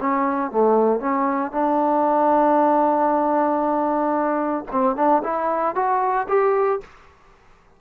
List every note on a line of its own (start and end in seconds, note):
0.00 0.51 C#4
0.51 1.00 A3
1.00 1.52 C#4
1.52 4.65 D4
4.72 4.96 C4
4.96 5.22 D4
5.24 5.75 E4
5.75 6.27 F#4
6.28 6.81 G4